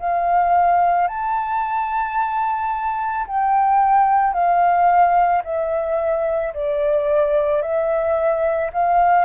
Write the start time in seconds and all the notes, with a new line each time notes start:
0.00 F5
1.08 A5
3.27 G5
4.33 F5
5.44 E5
6.54 D5
7.62 E5
8.73 F5